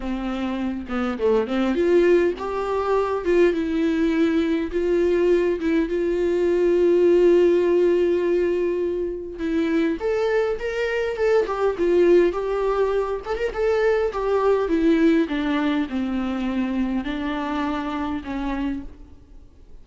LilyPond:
\new Staff \with { instrumentName = "viola" } { \time 4/4 \tempo 4 = 102 c'4. b8 a8 c'8 f'4 | g'4. f'8 e'2 | f'4. e'8 f'2~ | f'1 |
e'4 a'4 ais'4 a'8 g'8 | f'4 g'4. a'16 ais'16 a'4 | g'4 e'4 d'4 c'4~ | c'4 d'2 cis'4 | }